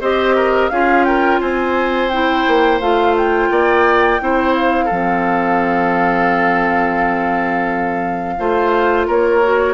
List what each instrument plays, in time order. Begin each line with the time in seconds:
0.00 bassoon C4, clarinet G4, oboe C5, flute D#5
0.35 oboe A#4
0.69 bassoon C#4, clarinet F4, oboe G#4, flute F5
1.04 oboe A#4, flute G5
1.40 bassoon C4, oboe C5, flute G#5
2.09 clarinet E4, flute G5
2.47 bassoon A#3
2.80 bassoon A3, clarinet F4, flute F5
3.17 flute G5
3.50 bassoon A#3, oboe D5
4.19 bassoon C4, clarinet E4, oboe C5
4.54 flute F5
4.84 bassoon F3, oboe A4
4.91 clarinet C4
8.38 bassoon A3, clarinet F4, oboe C5
9.07 bassoon A#3, oboe A#4, flute C#5
9.42 clarinet F#4